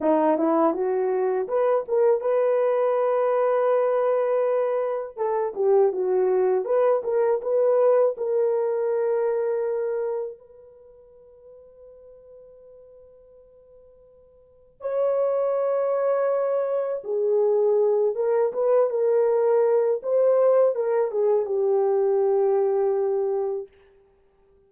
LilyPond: \new Staff \with { instrumentName = "horn" } { \time 4/4 \tempo 4 = 81 dis'8 e'8 fis'4 b'8 ais'8 b'4~ | b'2. a'8 g'8 | fis'4 b'8 ais'8 b'4 ais'4~ | ais'2 b'2~ |
b'1 | cis''2. gis'4~ | gis'8 ais'8 b'8 ais'4. c''4 | ais'8 gis'8 g'2. | }